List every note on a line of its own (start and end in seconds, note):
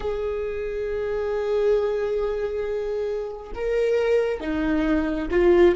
0.00 3.51 G#4
3.54 4.40 A#4
4.40 5.28 D#4
5.31 5.75 F4